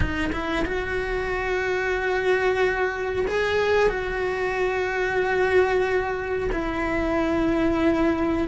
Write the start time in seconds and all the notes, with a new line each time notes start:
0.00 D#4
0.32 E4
0.65 F#4
3.27 G#4
3.89 F#4
6.52 E4